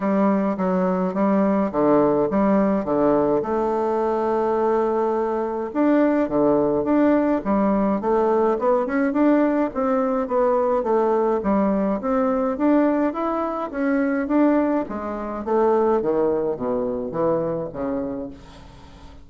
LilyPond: \new Staff \with { instrumentName = "bassoon" } { \time 4/4 \tempo 4 = 105 g4 fis4 g4 d4 | g4 d4 a2~ | a2 d'4 d4 | d'4 g4 a4 b8 cis'8 |
d'4 c'4 b4 a4 | g4 c'4 d'4 e'4 | cis'4 d'4 gis4 a4 | dis4 b,4 e4 cis4 | }